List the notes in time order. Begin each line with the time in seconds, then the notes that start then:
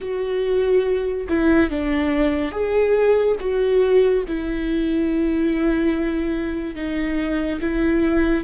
0.00 F#4
1.28 E4
1.70 D4
2.51 G#4
3.40 F#4
4.27 E4
6.75 D#4
7.61 E4